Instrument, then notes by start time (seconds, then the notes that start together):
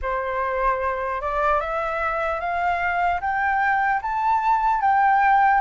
flute
0.02 C5
1.21 D5
1.60 E5
2.40 F5
3.20 G5
4.01 A5
4.81 G5